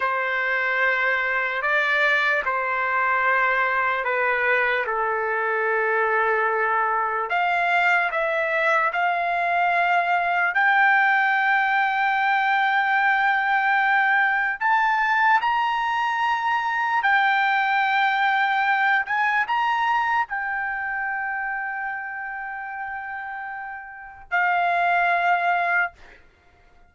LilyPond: \new Staff \with { instrumentName = "trumpet" } { \time 4/4 \tempo 4 = 74 c''2 d''4 c''4~ | c''4 b'4 a'2~ | a'4 f''4 e''4 f''4~ | f''4 g''2.~ |
g''2 a''4 ais''4~ | ais''4 g''2~ g''8 gis''8 | ais''4 g''2.~ | g''2 f''2 | }